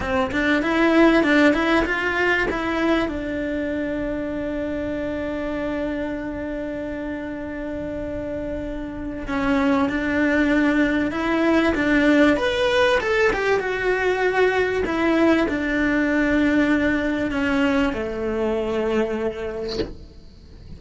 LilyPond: \new Staff \with { instrumentName = "cello" } { \time 4/4 \tempo 4 = 97 c'8 d'8 e'4 d'8 e'8 f'4 | e'4 d'2.~ | d'1~ | d'2. cis'4 |
d'2 e'4 d'4 | b'4 a'8 g'8 fis'2 | e'4 d'2. | cis'4 a2. | }